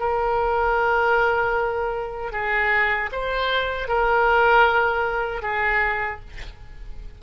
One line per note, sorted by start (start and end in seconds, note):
0.00 2.33 A#4
2.33 3.11 G#4
3.12 3.89 C5
3.89 5.43 A#4
5.43 6.21 G#4